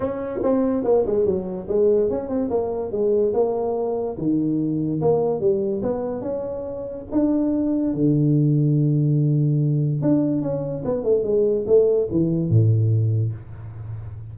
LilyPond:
\new Staff \with { instrumentName = "tuba" } { \time 4/4 \tempo 4 = 144 cis'4 c'4 ais8 gis8 fis4 | gis4 cis'8 c'8 ais4 gis4 | ais2 dis2 | ais4 g4 b4 cis'4~ |
cis'4 d'2 d4~ | d1 | d'4 cis'4 b8 a8 gis4 | a4 e4 a,2 | }